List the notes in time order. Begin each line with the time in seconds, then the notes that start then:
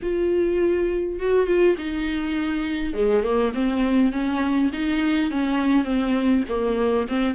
0.02 F4
1.19 F#4
1.46 F4
1.77 D#4
2.93 G#3
3.23 A#3
3.54 C4
4.11 C#4
4.72 D#4
5.30 C#4
5.84 C4
6.48 A#3
7.08 C4